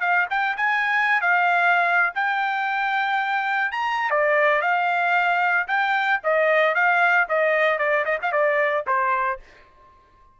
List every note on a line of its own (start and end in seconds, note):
0.00 0.26 F5
0.30 0.56 G5
0.56 1.21 G#5
1.21 2.13 F5
2.15 3.71 G5
3.71 4.10 A#5
4.10 4.61 D5
4.61 5.67 F5
5.67 6.20 G5
6.23 6.75 D#5
6.75 7.27 F5
7.28 7.78 D#5
7.78 8.05 D5
8.05 8.18 D#5
8.22 8.32 F5
8.32 8.84 D5
8.87 9.39 C5